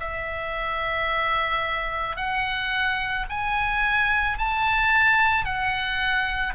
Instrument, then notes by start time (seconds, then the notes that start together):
oboe
0.00 E5
2.17 F#5
3.30 G#5
4.38 A5
5.44 F#5